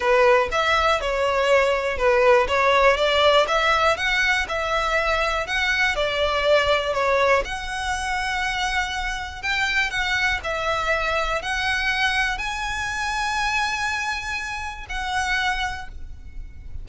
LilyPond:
\new Staff \with { instrumentName = "violin" } { \time 4/4 \tempo 4 = 121 b'4 e''4 cis''2 | b'4 cis''4 d''4 e''4 | fis''4 e''2 fis''4 | d''2 cis''4 fis''4~ |
fis''2. g''4 | fis''4 e''2 fis''4~ | fis''4 gis''2.~ | gis''2 fis''2 | }